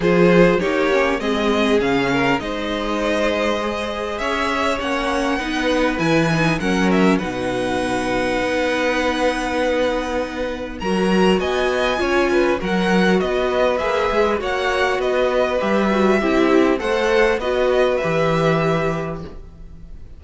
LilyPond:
<<
  \new Staff \with { instrumentName = "violin" } { \time 4/4 \tempo 4 = 100 c''4 cis''4 dis''4 f''4 | dis''2. e''4 | fis''2 gis''4 fis''8 e''8 | fis''1~ |
fis''2 ais''4 gis''4~ | gis''4 fis''4 dis''4 e''4 | fis''4 dis''4 e''2 | fis''4 dis''4 e''2 | }
  \new Staff \with { instrumentName = "violin" } { \time 4/4 gis'4 g'4 gis'4. ais'8 | c''2. cis''4~ | cis''4 b'2 ais'4 | b'1~ |
b'2 ais'4 dis''4 | cis''8 b'8 ais'4 b'2 | cis''4 b'2 g'4 | c''4 b'2. | }
  \new Staff \with { instrumentName = "viola" } { \time 4/4 f'4 dis'8 cis'8 c'4 cis'4 | dis'2 gis'2 | cis'4 dis'4 e'8 dis'8 cis'4 | dis'1~ |
dis'2 fis'2 | f'4 fis'2 gis'4 | fis'2 g'8 fis'8 e'4 | a'4 fis'4 g'2 | }
  \new Staff \with { instrumentName = "cello" } { \time 4/4 f4 ais4 gis4 cis4 | gis2. cis'4 | ais4 b4 e4 fis4 | b,2 b2~ |
b2 fis4 b4 | cis'4 fis4 b4 ais8 gis8 | ais4 b4 g4 c'4 | a4 b4 e2 | }
>>